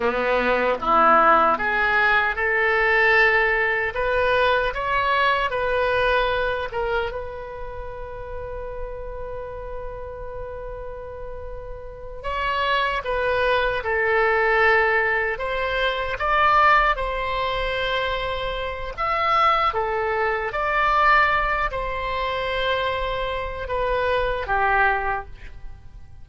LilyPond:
\new Staff \with { instrumentName = "oboe" } { \time 4/4 \tempo 4 = 76 b4 e'4 gis'4 a'4~ | a'4 b'4 cis''4 b'4~ | b'8 ais'8 b'2.~ | b'2.~ b'8 cis''8~ |
cis''8 b'4 a'2 c''8~ | c''8 d''4 c''2~ c''8 | e''4 a'4 d''4. c''8~ | c''2 b'4 g'4 | }